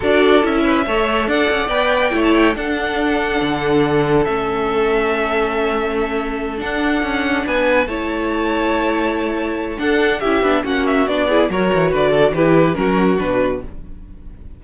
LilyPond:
<<
  \new Staff \with { instrumentName = "violin" } { \time 4/4 \tempo 4 = 141 d''4 e''2 fis''4 | g''4~ g''16 a''16 g''8 fis''2~ | fis''2 e''2~ | e''2.~ e''8 fis''8~ |
fis''4. gis''4 a''4.~ | a''2. fis''4 | e''4 fis''8 e''8 d''4 cis''4 | d''4 b'4 ais'4 b'4 | }
  \new Staff \with { instrumentName = "violin" } { \time 4/4 a'4. b'8 cis''4 d''4~ | d''4 cis''4 a'2~ | a'1~ | a'1~ |
a'4. b'4 cis''4.~ | cis''2. a'4 | g'4 fis'4. gis'8 ais'4 | b'8 a'8 g'4 fis'2 | }
  \new Staff \with { instrumentName = "viola" } { \time 4/4 fis'4 e'4 a'2 | b'4 e'4 d'2~ | d'2 cis'2~ | cis'2.~ cis'8 d'8~ |
d'2~ d'8 e'4.~ | e'2. d'4 | e'8 d'8 cis'4 d'8 e'8 fis'4~ | fis'4 e'4 cis'4 d'4 | }
  \new Staff \with { instrumentName = "cello" } { \time 4/4 d'4 cis'4 a4 d'8 cis'8 | b4 a4 d'2 | d2 a2~ | a2.~ a8 d'8~ |
d'8 cis'4 b4 a4.~ | a2. d'4 | cis'8 b8 ais4 b4 fis8 e8 | d4 e4 fis4 b,4 | }
>>